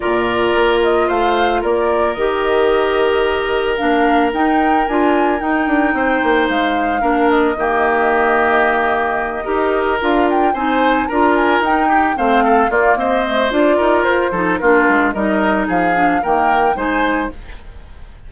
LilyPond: <<
  \new Staff \with { instrumentName = "flute" } { \time 4/4 \tempo 4 = 111 d''4. dis''8 f''4 d''4 | dis''2. f''4 | g''4 gis''4 g''2 | f''4. dis''2~ dis''8~ |
dis''2~ dis''8 f''8 g''8 gis''8~ | gis''8 ais''8 gis''8 g''4 f''4 d''8 | dis''4 d''4 c''4 ais'4 | dis''4 f''4 g''4 gis''4 | }
  \new Staff \with { instrumentName = "oboe" } { \time 4/4 ais'2 c''4 ais'4~ | ais'1~ | ais'2. c''4~ | c''4 ais'4 g'2~ |
g'4. ais'2 c''8~ | c''8 ais'4. g'8 c''8 a'8 f'8 | c''4. ais'4 a'8 f'4 | ais'4 gis'4 ais'4 c''4 | }
  \new Staff \with { instrumentName = "clarinet" } { \time 4/4 f'1 | g'2. d'4 | dis'4 f'4 dis'2~ | dis'4 d'4 ais2~ |
ais4. g'4 f'4 dis'8~ | dis'8 f'4 dis'4 c'4 ais8~ | ais8 a8 f'4. dis'8 d'4 | dis'4. d'8 ais4 dis'4 | }
  \new Staff \with { instrumentName = "bassoon" } { \time 4/4 ais,4 ais4 a4 ais4 | dis2. ais4 | dis'4 d'4 dis'8 d'8 c'8 ais8 | gis4 ais4 dis2~ |
dis4. dis'4 d'4 c'8~ | c'8 d'4 dis'4 a4 ais8 | c'4 d'8 dis'8 f'8 f8 ais8 gis8 | g4 f4 dis4 gis4 | }
>>